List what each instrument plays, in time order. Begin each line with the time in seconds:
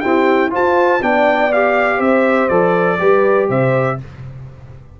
0.00 trombone C4, tuba E4, horn G4, trumpet G5
0.50 trombone F4, tuba F4, horn C5, trumpet A5
1.02 tuba B3, trombone D4, horn D5, trumpet G5
1.52 trombone G4, trumpet F5
1.97 tuba C4, horn C5, trumpet E5
2.48 tuba F3, trombone A4, trumpet D5
2.99 tuba G3, trombone G4, horn B4
3.49 tuba C3, horn C5, trumpet E5